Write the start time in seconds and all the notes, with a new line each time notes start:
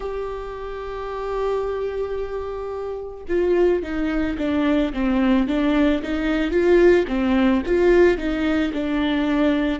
0.00 G4
3.28 F4
3.82 D#4
4.38 D4
4.93 C4
5.47 D4
6.02 D#4
6.51 F4
7.07 C4
7.66 F4
8.17 D#4
8.73 D4